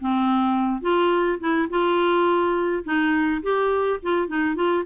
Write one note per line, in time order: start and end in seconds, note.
0.00 0.81 C4
0.81 1.38 F4
1.39 1.68 E4
1.70 2.84 F4
2.84 3.41 D#4
3.42 3.99 G4
4.02 4.28 F4
4.28 4.55 D#4
4.55 4.84 F4